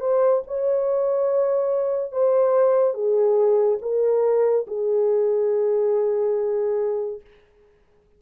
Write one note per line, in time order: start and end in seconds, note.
0.00 0.42 C5
0.47 2.12 C#5
2.12 2.94 C5
2.94 3.78 G#4
3.81 4.66 A#4
4.67 7.21 G#4